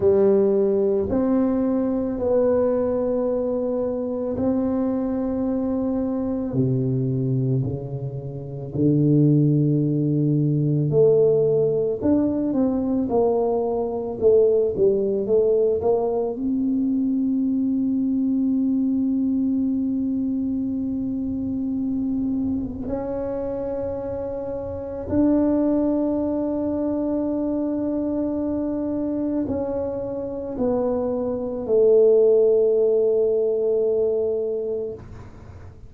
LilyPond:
\new Staff \with { instrumentName = "tuba" } { \time 4/4 \tempo 4 = 55 g4 c'4 b2 | c'2 c4 cis4 | d2 a4 d'8 c'8 | ais4 a8 g8 a8 ais8 c'4~ |
c'1~ | c'4 cis'2 d'4~ | d'2. cis'4 | b4 a2. | }